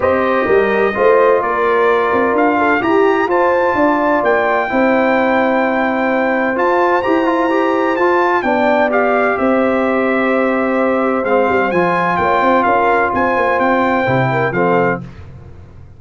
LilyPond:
<<
  \new Staff \with { instrumentName = "trumpet" } { \time 4/4 \tempo 4 = 128 dis''2. d''4~ | d''4 f''4 ais''4 a''4~ | a''4 g''2.~ | g''2 a''4 ais''4~ |
ais''4 a''4 g''4 f''4 | e''1 | f''4 gis''4 g''4 f''4 | gis''4 g''2 f''4 | }
  \new Staff \with { instrumentName = "horn" } { \time 4/4 c''4 ais'4 c''4 ais'4~ | ais'4. a'8 g'4 c''4 | d''2 c''2~ | c''1~ |
c''2 d''2 | c''1~ | c''2 cis''8 c''8 ais'4 | c''2~ c''8 ais'8 a'4 | }
  \new Staff \with { instrumentName = "trombone" } { \time 4/4 g'2 f'2~ | f'2 g'4 f'4~ | f'2 e'2~ | e'2 f'4 g'8 f'8 |
g'4 f'4 d'4 g'4~ | g'1 | c'4 f'2.~ | f'2 e'4 c'4 | }
  \new Staff \with { instrumentName = "tuba" } { \time 4/4 c'4 g4 a4 ais4~ | ais8 c'8 d'4 e'4 f'4 | d'4 ais4 c'2~ | c'2 f'4 e'4~ |
e'4 f'4 b2 | c'1 | gis8 g8 f4 ais8 c'8 cis'4 | c'8 ais8 c'4 c4 f4 | }
>>